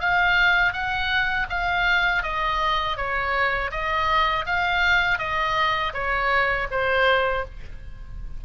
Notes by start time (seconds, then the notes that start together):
0.00 F5
0.73 F#5
1.49 F5
2.23 D#5
2.97 C#5
3.71 D#5
4.46 F5
5.19 D#5
5.94 C#5
6.71 C5